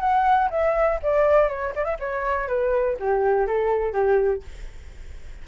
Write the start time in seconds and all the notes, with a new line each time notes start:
0.00 F#5
0.50 E5
1.03 D5
1.49 C#5
1.76 D5
1.85 E5
2.00 C#5
2.48 B4
3.00 G4
3.47 A4
3.93 G4